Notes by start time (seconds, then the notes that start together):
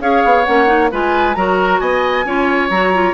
0.00 C#4 G#4 C#5 F5
0.24 B3
0.45 A#3 C#4 F#5
0.66 D#4
0.91 G#3 F4 B4 G#5
1.35 F#3 F#4 A#4 A#5
1.80 B3 D#5 G#5
2.25 C#4 F4 C#5
2.70 F#3 F#4 A#5
2.94 F4